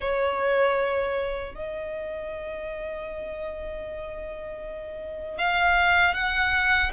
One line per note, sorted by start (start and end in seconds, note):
0.00 1.54 C#5
1.55 5.38 D#5
5.38 6.14 F5
6.14 6.91 F#5